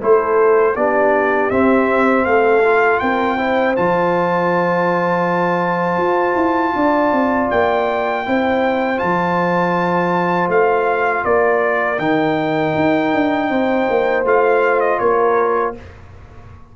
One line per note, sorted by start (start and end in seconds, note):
0.00 0.76 A3
0.00 0.76 E4
0.00 0.75 A4
0.00 0.76 C5
0.76 1.51 B3
0.76 1.51 D4
0.76 2.27 G4
0.76 1.51 D5
1.51 2.63 C4
1.51 2.26 C4
1.51 2.25 E5
2.25 3.01 A3
2.25 3.02 A4
2.25 3.00 F5
2.64 3.38 F4
3.00 3.77 C4
3.00 3.38 A#4
3.00 3.75 G5
3.38 3.75 E4
3.38 6.75 C5
3.76 5.97 F3
3.76 8.26 F4
3.76 7.51 A5
5.97 6.35 F4
6.35 6.73 E4
6.75 7.12 D4
6.75 8.25 D5
7.12 7.50 C4
7.51 8.27 A#3
7.51 8.99 G5
8.26 9.02 C4
8.26 8.97 E4
8.26 11.26 C5
8.97 10.49 F3
8.97 11.97 F4
8.97 10.49 A5
10.49 11.24 A3
10.49 11.25 F5
11.25 11.99 A#3
11.25 13.50 A#4
11.25 11.99 D5
11.99 12.74 D#3
11.99 14.25 D#4
11.99 14.24 G5
12.76 13.13 D#4
13.14 13.50 D4
13.50 13.88 C4
13.50 15.00 C5
13.90 14.25 A#3
14.25 15.00 A3
14.25 15.75 F4
14.25 14.80 F5
14.80 14.99 D#5
14.99 15.76 A#3
14.99 15.76 A#4
14.99 15.74 C#5